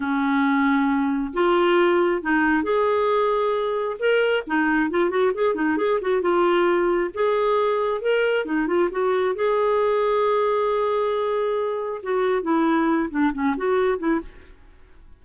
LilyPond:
\new Staff \with { instrumentName = "clarinet" } { \time 4/4 \tempo 4 = 135 cis'2. f'4~ | f'4 dis'4 gis'2~ | gis'4 ais'4 dis'4 f'8 fis'8 | gis'8 dis'8 gis'8 fis'8 f'2 |
gis'2 ais'4 dis'8 f'8 | fis'4 gis'2.~ | gis'2. fis'4 | e'4. d'8 cis'8 fis'4 e'8 | }